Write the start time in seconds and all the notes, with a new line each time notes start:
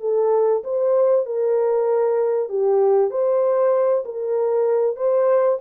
0.00 A4
0.63 C5
1.26 A#4
2.49 G4
3.10 C5
4.05 A#4
4.96 C5